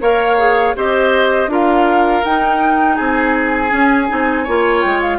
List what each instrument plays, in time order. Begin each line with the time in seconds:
0.00 bassoon A#3, clarinet A#4, oboe C#5, flute F5
0.37 clarinet G#4
0.75 bassoon C4, clarinet G4, oboe C5, flute D#5
1.47 bassoon D4, clarinet F4, oboe A#4
1.53 flute F5
2.24 bassoon D#4, clarinet D#4, flute G5
2.96 bassoon C4, oboe G#4, flute G#5
3.69 clarinet C#4, bassoon C#4
4.08 bassoon C4, clarinet D#4
4.43 bassoon A#3, clarinet F4, oboe C#5
4.81 bassoon G#3, flute G5
5.01 flute F5